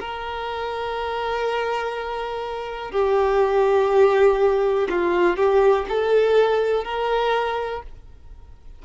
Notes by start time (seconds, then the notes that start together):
0.00 A#4
2.92 G4
4.90 F4
5.37 G4
5.89 A4
6.85 A#4